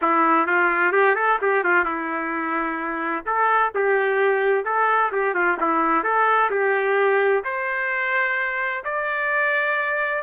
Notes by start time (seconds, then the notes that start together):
0.01 E4
0.47 F4
0.92 G4
1.15 A4
1.41 G4
1.64 F4
1.84 E4
3.26 A4
3.74 G4
4.64 A4
5.12 G4
5.34 F4
5.60 E4
6.03 A4
6.50 G4
7.44 C5
8.84 D5